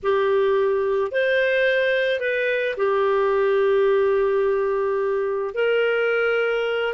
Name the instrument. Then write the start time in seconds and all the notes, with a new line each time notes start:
clarinet
0.03 G4
1.11 C5
2.20 B4
2.76 G4
5.54 A#4